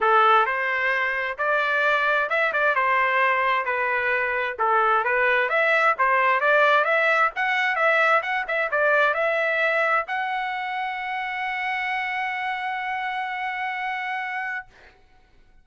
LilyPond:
\new Staff \with { instrumentName = "trumpet" } { \time 4/4 \tempo 4 = 131 a'4 c''2 d''4~ | d''4 e''8 d''8 c''2 | b'2 a'4 b'4 | e''4 c''4 d''4 e''4 |
fis''4 e''4 fis''8 e''8 d''4 | e''2 fis''2~ | fis''1~ | fis''1 | }